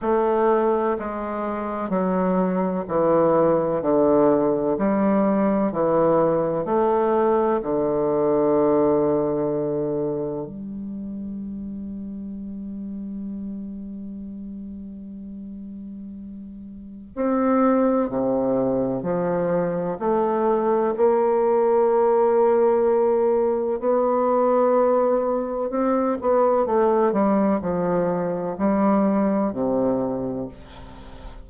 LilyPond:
\new Staff \with { instrumentName = "bassoon" } { \time 4/4 \tempo 4 = 63 a4 gis4 fis4 e4 | d4 g4 e4 a4 | d2. g4~ | g1~ |
g2 c'4 c4 | f4 a4 ais2~ | ais4 b2 c'8 b8 | a8 g8 f4 g4 c4 | }